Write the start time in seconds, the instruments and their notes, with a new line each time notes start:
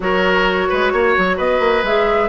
0.00 bassoon F#3, clarinet F#4, oboe A#4, flute C#5
0.69 bassoon G#3, oboe B4
0.92 bassoon A#3, oboe C#5
1.17 bassoon F#3
1.36 bassoon B3, oboe B4, flute D#5
1.59 bassoon A#3
1.83 bassoon G#3, clarinet G#4, flute E5